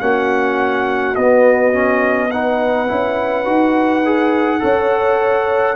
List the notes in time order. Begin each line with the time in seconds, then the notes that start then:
0.00 A#3 C#4 F#4 F#5
1.16 B3 D#5
1.73 C#4
2.31 D#4 B4 F#5
2.88 C#4 E4
3.45 D#4 F#4
4.06 G#4
4.60 C#4 A4 C#5